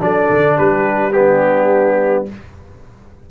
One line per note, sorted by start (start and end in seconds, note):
0.00 0.29 F#3
0.00 1.12 D4
0.00 0.57 A4
0.00 0.58 D5
0.31 0.59 D3
0.57 2.29 G3
0.57 1.13 G4
0.57 1.12 B4
1.12 2.25 B3
1.12 2.31 D4
1.12 2.25 G4